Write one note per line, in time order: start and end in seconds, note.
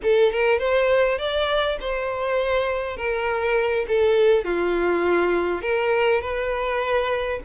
0.03 0.32 A4
0.32 0.58 A#4
0.58 1.18 C5
1.18 1.78 D5
1.80 2.96 C5
2.96 3.86 A#4
3.88 4.44 A4
4.44 5.61 F4
5.61 6.21 A#4
6.21 7.40 B4